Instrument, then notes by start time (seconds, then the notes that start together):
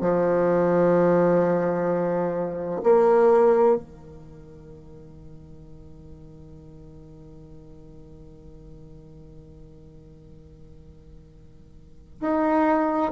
bassoon
0.00 F3
2.83 A#3
3.76 D#3
12.20 D#4